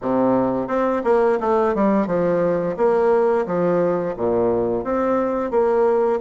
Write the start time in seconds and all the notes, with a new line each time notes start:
0.01 C3
0.67 C4
1.04 A#3
1.40 A3
1.75 G3
2.07 F3
2.76 A#3
3.45 F3
4.16 A#2
4.84 C4
5.50 A#3